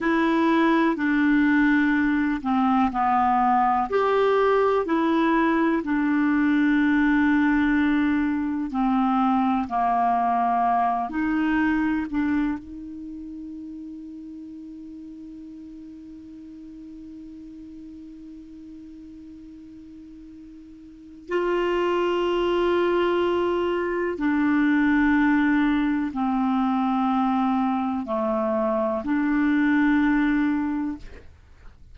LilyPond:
\new Staff \with { instrumentName = "clarinet" } { \time 4/4 \tempo 4 = 62 e'4 d'4. c'8 b4 | g'4 e'4 d'2~ | d'4 c'4 ais4. dis'8~ | dis'8 d'8 dis'2.~ |
dis'1~ | dis'2 f'2~ | f'4 d'2 c'4~ | c'4 a4 d'2 | }